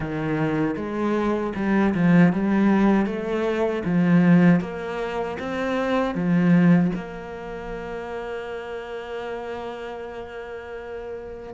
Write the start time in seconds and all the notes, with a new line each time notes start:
0.00 D#3
0.76 G#3
1.55 G3
1.94 F3
2.33 G3
3.06 A3
3.85 F3
4.60 A#3
5.38 C4
6.14 F3
6.95 A#3